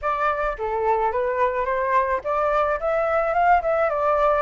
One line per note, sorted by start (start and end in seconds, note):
0.02 0.57 D5
0.58 1.12 A4
1.12 1.65 B4
1.65 2.20 C5
2.24 2.79 D5
2.80 3.33 E5
3.33 3.61 F5
3.62 3.89 E5
3.89 4.42 D5